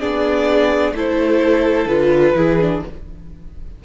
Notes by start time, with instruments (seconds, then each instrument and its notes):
0.00 cello B3, viola D4, violin G#4 D5
0.92 cello A3, viola E4, violin A4 C5
1.86 cello D3, viola F4, violin B4
2.36 cello E3, viola E4, violin G#4
2.61 viola D4